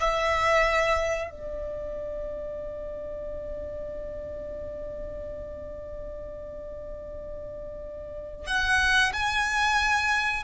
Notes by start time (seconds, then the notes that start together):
0.00 E5
1.30 D5
8.47 F#5
9.13 G#5